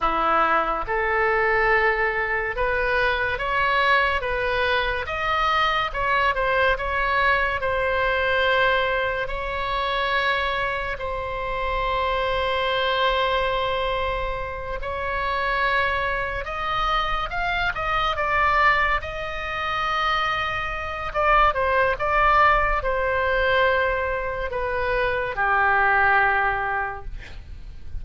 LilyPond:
\new Staff \with { instrumentName = "oboe" } { \time 4/4 \tempo 4 = 71 e'4 a'2 b'4 | cis''4 b'4 dis''4 cis''8 c''8 | cis''4 c''2 cis''4~ | cis''4 c''2.~ |
c''4. cis''2 dis''8~ | dis''8 f''8 dis''8 d''4 dis''4.~ | dis''4 d''8 c''8 d''4 c''4~ | c''4 b'4 g'2 | }